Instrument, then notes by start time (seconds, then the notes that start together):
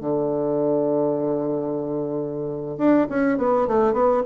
bassoon
0.00 D3
2.78 D4
3.09 C#4
3.38 B3
3.67 A3
3.93 B3